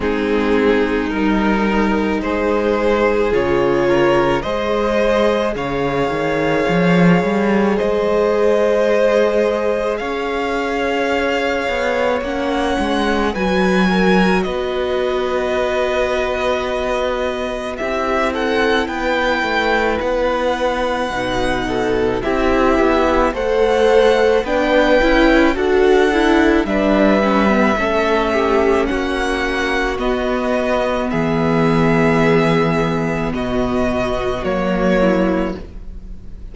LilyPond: <<
  \new Staff \with { instrumentName = "violin" } { \time 4/4 \tempo 4 = 54 gis'4 ais'4 c''4 cis''4 | dis''4 f''2 dis''4~ | dis''4 f''2 fis''4 | gis''4 dis''2. |
e''8 fis''8 g''4 fis''2 | e''4 fis''4 g''4 fis''4 | e''2 fis''4 dis''4 | e''2 dis''4 cis''4 | }
  \new Staff \with { instrumentName = "violin" } { \time 4/4 dis'2 gis'4. ais'8 | c''4 cis''2 c''4~ | c''4 cis''2. | b'8 ais'8 b'2. |
g'8 a'8 b'2~ b'8 a'8 | g'4 c''4 b'4 a'4 | b'4 a'8 g'8 fis'2 | gis'2 fis'4. e'8 | }
  \new Staff \with { instrumentName = "viola" } { \time 4/4 c'4 dis'2 f'4 | gis'1~ | gis'2. cis'4 | fis'1 |
e'2. dis'4 | e'4 a'4 d'8 e'8 fis'8 e'8 | d'8 cis'16 b16 cis'2 b4~ | b2. ais4 | }
  \new Staff \with { instrumentName = "cello" } { \time 4/4 gis4 g4 gis4 cis4 | gis4 cis8 dis8 f8 g8 gis4~ | gis4 cis'4. b8 ais8 gis8 | fis4 b2. |
c'4 b8 a8 b4 b,4 | c'8 b8 a4 b8 cis'8 d'4 | g4 a4 ais4 b4 | e2 b,4 fis4 | }
>>